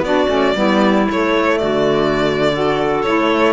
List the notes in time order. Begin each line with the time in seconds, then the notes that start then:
0.00 B3 D4 F#4 D5
0.27 A3 C#4
0.55 G3 B3 E4
1.09 A3 C#5
1.58 D3 F#4 D5
2.52 F#4 A4
3.02 A3 E4 C#5